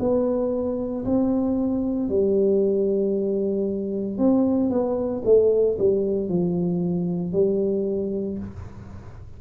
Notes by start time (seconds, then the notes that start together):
0.00 B3
1.06 C4
2.09 G3
4.18 C4
4.70 B3
5.25 A3
5.79 G3
6.29 F3
7.33 G3